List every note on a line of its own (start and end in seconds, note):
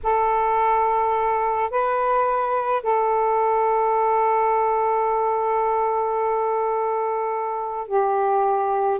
0.03 1.70 A4
1.70 2.82 B4
2.82 7.87 A4
7.87 8.99 G4